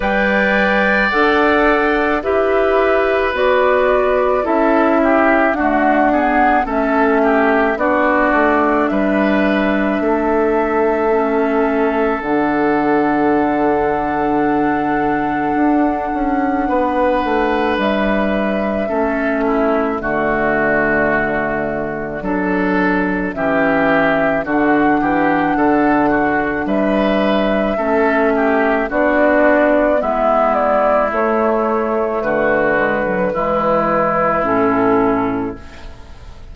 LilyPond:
<<
  \new Staff \with { instrumentName = "flute" } { \time 4/4 \tempo 4 = 54 g''4 fis''4 e''4 d''4 | e''4 fis''4 e''4 d''4 | e''2. fis''4~ | fis''1 |
e''2 d''2~ | d''4 e''4 fis''2 | e''2 d''4 e''8 d''8 | cis''4 b'2 a'4 | }
  \new Staff \with { instrumentName = "oboe" } { \time 4/4 d''2 b'2 | a'8 g'8 fis'8 gis'8 a'8 g'8 fis'4 | b'4 a'2.~ | a'2. b'4~ |
b'4 a'8 e'8 fis'2 | a'4 g'4 fis'8 g'8 a'8 fis'8 | b'4 a'8 g'8 fis'4 e'4~ | e'4 fis'4 e'2 | }
  \new Staff \with { instrumentName = "clarinet" } { \time 4/4 b'4 a'4 g'4 fis'4 | e'4 a8 b8 cis'4 d'4~ | d'2 cis'4 d'4~ | d'1~ |
d'4 cis'4 a2 | d'4 cis'4 d'2~ | d'4 cis'4 d'4 b4 | a4. gis16 fis16 gis4 cis'4 | }
  \new Staff \with { instrumentName = "bassoon" } { \time 4/4 g4 d'4 e'4 b4 | cis'4 d'4 a4 b8 a8 | g4 a2 d4~ | d2 d'8 cis'8 b8 a8 |
g4 a4 d2 | fis4 e4 d8 e8 d4 | g4 a4 b4 gis4 | a4 d4 e4 a,4 | }
>>